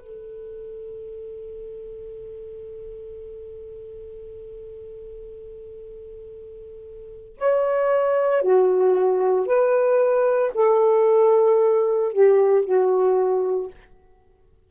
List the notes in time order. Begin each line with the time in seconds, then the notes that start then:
0.00 A4
7.37 C#5
8.42 F#4
9.46 B4
10.54 A4
12.12 G4
12.64 F#4